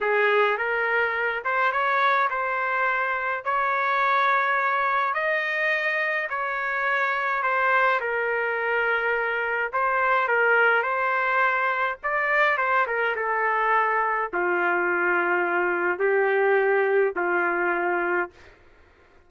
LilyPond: \new Staff \with { instrumentName = "trumpet" } { \time 4/4 \tempo 4 = 105 gis'4 ais'4. c''8 cis''4 | c''2 cis''2~ | cis''4 dis''2 cis''4~ | cis''4 c''4 ais'2~ |
ais'4 c''4 ais'4 c''4~ | c''4 d''4 c''8 ais'8 a'4~ | a'4 f'2. | g'2 f'2 | }